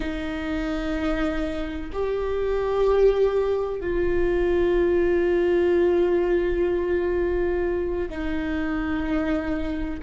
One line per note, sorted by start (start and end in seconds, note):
0.00 1.90 D#4
1.93 3.80 G4
3.80 8.09 F4
8.10 10.00 D#4